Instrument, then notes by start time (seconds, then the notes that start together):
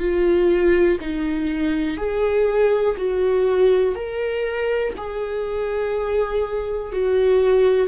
viola
0.00 F4
1.01 D#4
1.97 G#4
2.97 F#4
3.95 A#4
4.97 G#4
6.93 F#4